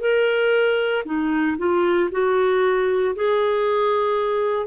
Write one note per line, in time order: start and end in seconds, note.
0.00 1.03 A#4
1.05 1.57 D#4
1.58 2.09 F4
2.11 3.15 F#4
3.15 4.66 G#4